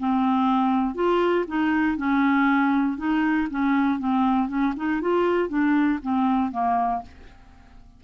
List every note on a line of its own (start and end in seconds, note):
0.00 0.95 C4
0.95 1.46 F4
1.48 1.98 D#4
1.98 2.98 C#4
2.98 3.49 D#4
3.51 3.99 C#4
3.99 4.49 C4
4.49 4.74 C#4
4.76 5.01 D#4
5.01 5.49 F4
5.49 6.00 D4
6.03 6.52 C4
6.52 7.02 A#3